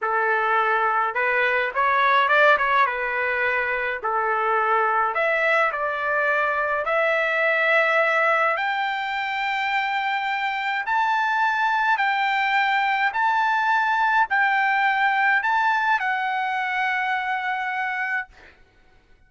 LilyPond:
\new Staff \with { instrumentName = "trumpet" } { \time 4/4 \tempo 4 = 105 a'2 b'4 cis''4 | d''8 cis''8 b'2 a'4~ | a'4 e''4 d''2 | e''2. g''4~ |
g''2. a''4~ | a''4 g''2 a''4~ | a''4 g''2 a''4 | fis''1 | }